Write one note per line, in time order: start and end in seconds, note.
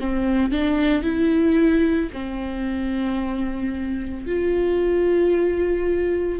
0.00 0.52 C4
0.52 1.03 D4
1.03 2.10 E4
2.13 4.26 C4
4.26 6.39 F4